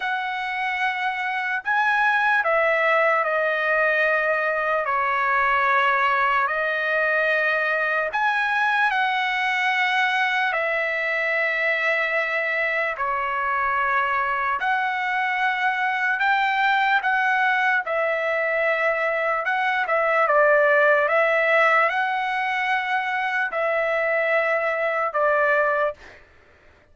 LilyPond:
\new Staff \with { instrumentName = "trumpet" } { \time 4/4 \tempo 4 = 74 fis''2 gis''4 e''4 | dis''2 cis''2 | dis''2 gis''4 fis''4~ | fis''4 e''2. |
cis''2 fis''2 | g''4 fis''4 e''2 | fis''8 e''8 d''4 e''4 fis''4~ | fis''4 e''2 d''4 | }